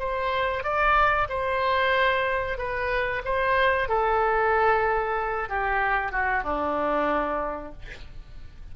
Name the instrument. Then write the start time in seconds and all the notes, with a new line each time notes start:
oboe
0.00 C5
0.64 D5
1.29 C5
2.58 B4
3.25 C5
3.89 A4
5.49 G4
6.12 F#4
6.44 D4